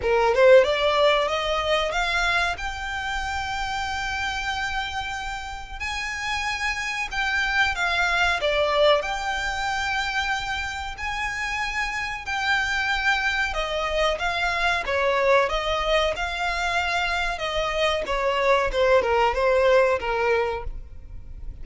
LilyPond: \new Staff \with { instrumentName = "violin" } { \time 4/4 \tempo 4 = 93 ais'8 c''8 d''4 dis''4 f''4 | g''1~ | g''4 gis''2 g''4 | f''4 d''4 g''2~ |
g''4 gis''2 g''4~ | g''4 dis''4 f''4 cis''4 | dis''4 f''2 dis''4 | cis''4 c''8 ais'8 c''4 ais'4 | }